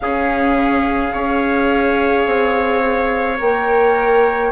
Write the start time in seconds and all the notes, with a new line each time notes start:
0.00 C#3 C#4 G#4 F5
1.10 C#4 G#4 C#5
2.25 C4
3.37 A#3 A#4 G5